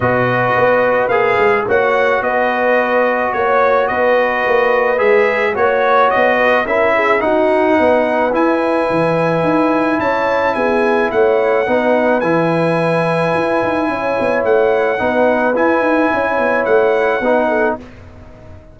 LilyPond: <<
  \new Staff \with { instrumentName = "trumpet" } { \time 4/4 \tempo 4 = 108 dis''2 f''4 fis''4 | dis''2 cis''4 dis''4~ | dis''4 e''4 cis''4 dis''4 | e''4 fis''2 gis''4~ |
gis''2 a''4 gis''4 | fis''2 gis''2~ | gis''2 fis''2 | gis''2 fis''2 | }
  \new Staff \with { instrumentName = "horn" } { \time 4/4 b'2. cis''4 | b'2 cis''4 b'4~ | b'2 cis''4. b'8 | ais'8 gis'8 fis'4 b'2~ |
b'2 cis''4 gis'4 | cis''4 b'2.~ | b'4 cis''2 b'4~ | b'4 cis''2 b'8 a'8 | }
  \new Staff \with { instrumentName = "trombone" } { \time 4/4 fis'2 gis'4 fis'4~ | fis'1~ | fis'4 gis'4 fis'2 | e'4 dis'2 e'4~ |
e'1~ | e'4 dis'4 e'2~ | e'2. dis'4 | e'2. dis'4 | }
  \new Staff \with { instrumentName = "tuba" } { \time 4/4 b,4 b4 ais8 gis8 ais4 | b2 ais4 b4 | ais4 gis4 ais4 b4 | cis'4 dis'4 b4 e'4 |
e4 dis'4 cis'4 b4 | a4 b4 e2 | e'8 dis'8 cis'8 b8 a4 b4 | e'8 dis'8 cis'8 b8 a4 b4 | }
>>